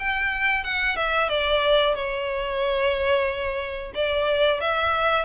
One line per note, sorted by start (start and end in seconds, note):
0.00 0.64 G5
0.64 0.97 F#5
0.97 1.29 E5
1.29 1.95 D5
1.95 3.93 C#5
3.95 4.61 D5
4.61 5.26 E5